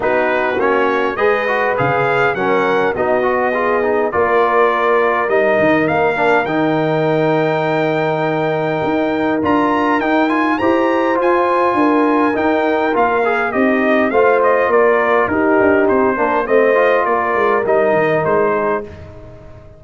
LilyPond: <<
  \new Staff \with { instrumentName = "trumpet" } { \time 4/4 \tempo 4 = 102 b'4 cis''4 dis''4 f''4 | fis''4 dis''2 d''4~ | d''4 dis''4 f''4 g''4~ | g''1 |
ais''4 g''8 gis''8 ais''4 gis''4~ | gis''4 g''4 f''4 dis''4 | f''8 dis''8 d''4 ais'4 c''4 | dis''4 d''4 dis''4 c''4 | }
  \new Staff \with { instrumentName = "horn" } { \time 4/4 fis'2 b'2 | ais'4 fis'4 gis'4 ais'4~ | ais'1~ | ais'1~ |
ais'2 c''2 | ais'2. dis'4 | c''4 ais'4 g'4. ais'8 | c''4 ais'2~ ais'8 gis'8 | }
  \new Staff \with { instrumentName = "trombone" } { \time 4/4 dis'4 cis'4 gis'8 fis'8 gis'4 | cis'4 dis'8 fis'8 f'8 dis'8 f'4~ | f'4 dis'4. d'8 dis'4~ | dis'1 |
f'4 dis'8 f'8 g'4 f'4~ | f'4 dis'4 f'8 gis'8 g'4 | f'2 dis'4. d'8 | c'8 f'4. dis'2 | }
  \new Staff \with { instrumentName = "tuba" } { \time 4/4 b4 ais4 gis4 cis4 | fis4 b2 ais4~ | ais4 g8 dis8 ais4 dis4~ | dis2. dis'4 |
d'4 dis'4 e'4 f'4 | d'4 dis'4 ais4 c'4 | a4 ais4 dis'8 d'8 c'8 ais8 | a4 ais8 gis8 g8 dis8 gis4 | }
>>